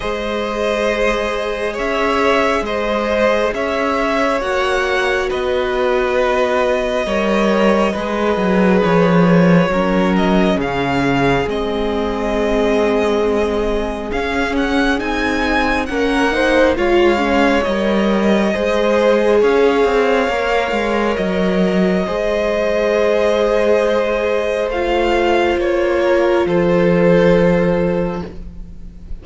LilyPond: <<
  \new Staff \with { instrumentName = "violin" } { \time 4/4 \tempo 4 = 68 dis''2 e''4 dis''4 | e''4 fis''4 dis''2~ | dis''2 cis''4. dis''8 | f''4 dis''2. |
f''8 fis''8 gis''4 fis''4 f''4 | dis''2 f''2 | dis''1 | f''4 cis''4 c''2 | }
  \new Staff \with { instrumentName = "violin" } { \time 4/4 c''2 cis''4 c''4 | cis''2 b'2 | cis''4 b'2 ais'4 | gis'1~ |
gis'2 ais'8 c''8 cis''4~ | cis''4 c''4 cis''2~ | cis''4 c''2.~ | c''4. ais'8 a'2 | }
  \new Staff \with { instrumentName = "viola" } { \time 4/4 gis'1~ | gis'4 fis'2. | ais'4 gis'2 cis'4~ | cis'4 c'2. |
cis'4 dis'4 cis'8 dis'8 f'8 cis'8 | ais'4 gis'2 ais'4~ | ais'4 gis'2. | f'1 | }
  \new Staff \with { instrumentName = "cello" } { \time 4/4 gis2 cis'4 gis4 | cis'4 ais4 b2 | g4 gis8 fis8 f4 fis4 | cis4 gis2. |
cis'4 c'4 ais4 gis4 | g4 gis4 cis'8 c'8 ais8 gis8 | fis4 gis2. | a4 ais4 f2 | }
>>